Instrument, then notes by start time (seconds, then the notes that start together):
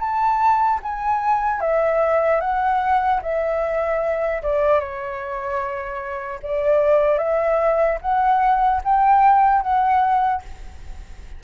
flute
0.00 A5
0.83 G#5
1.61 E5
2.41 F#5
3.23 E5
4.43 D5
4.80 C#5
6.43 D5
7.19 E5
8.02 F#5
8.85 G5
9.62 F#5